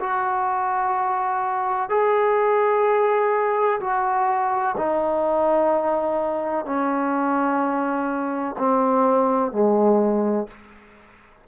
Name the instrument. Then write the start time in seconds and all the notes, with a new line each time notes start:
trombone
0.00 F#4
1.90 G#4
3.81 F#4
4.77 D#4
6.65 C#4
8.58 C4
9.52 G#3